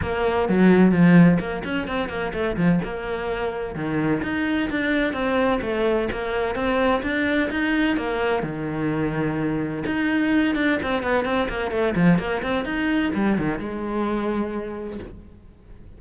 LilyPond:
\new Staff \with { instrumentName = "cello" } { \time 4/4 \tempo 4 = 128 ais4 fis4 f4 ais8 cis'8 | c'8 ais8 a8 f8 ais2 | dis4 dis'4 d'4 c'4 | a4 ais4 c'4 d'4 |
dis'4 ais4 dis2~ | dis4 dis'4. d'8 c'8 b8 | c'8 ais8 a8 f8 ais8 c'8 dis'4 | g8 dis8 gis2. | }